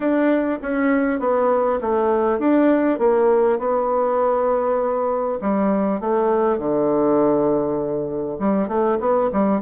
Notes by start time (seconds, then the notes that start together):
0.00 D4
0.61 C#4
1.19 B3
1.81 A3
2.39 D4
2.98 A#3
3.58 B3
5.41 G3
6.00 A3
6.58 D3
8.39 G3
8.68 A3
9.00 B3
9.32 G3